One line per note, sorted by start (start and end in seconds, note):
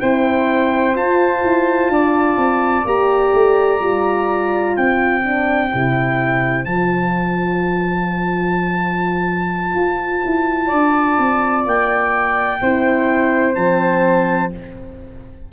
0.00 0.95 C4
0.00 0.95 E4
0.00 1.91 C5
0.00 0.96 G5
0.95 1.42 F4
0.95 2.85 F4
0.95 2.87 A5
1.43 1.89 E4
1.89 2.37 D4
1.89 4.75 D5
2.37 2.84 C4
2.85 3.32 A#3
2.85 3.80 G4
2.85 4.76 A#5
3.33 3.81 A3
3.80 4.76 G3
3.80 5.23 F4
4.75 5.72 C4
4.75 10.67 C5
4.75 6.65 G5
5.23 5.71 D4
5.71 6.66 C3
5.71 6.65 E4
6.65 9.75 F3
6.65 12.61 F4
6.65 11.65 A5
9.75 10.22 F4
10.25 10.71 E4
10.67 11.18 D4
10.67 12.57 D5
11.18 11.65 C4
11.65 12.61 A#3
11.65 13.55 G5
12.61 13.56 C4
12.61 13.55 E4
12.61 14.52 C5
13.55 14.51 F3
13.55 14.51 C4
13.55 14.50 A5